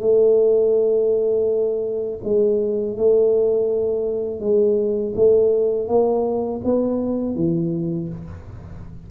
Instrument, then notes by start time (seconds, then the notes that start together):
tuba
0.00 A3
2.24 G#3
2.97 A3
4.40 G#3
5.15 A3
5.88 A#3
6.65 B3
7.36 E3